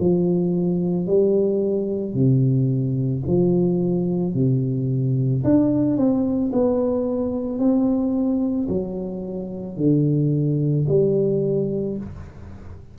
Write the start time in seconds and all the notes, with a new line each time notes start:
0.00 F3
1.07 G3
2.14 C3
3.27 F3
4.34 C3
5.44 D4
5.97 C4
6.53 B3
7.59 C4
8.68 F#3
9.77 D3
10.88 G3